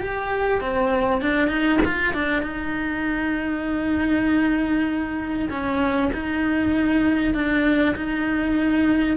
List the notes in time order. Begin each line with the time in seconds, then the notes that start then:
0.00 G4
0.61 C4
1.22 D4
1.48 D#4
1.84 F4
2.13 D4
2.42 D#4
5.50 C#4
6.13 D#4
7.34 D4
7.95 D#4